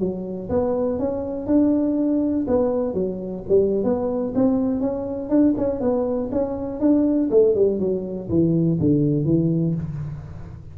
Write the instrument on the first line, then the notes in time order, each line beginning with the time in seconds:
tuba
0.00 F#3
0.50 B3
1.00 C#4
1.47 D4
2.48 B3
2.94 F#3
3.49 G3
3.84 B3
4.36 C4
4.81 C#4
5.30 D4
5.58 C#4
5.81 B3
6.32 C#4
6.81 D4
7.31 A3
7.56 G3
7.80 F#3
8.30 E3
8.81 D3
9.26 E3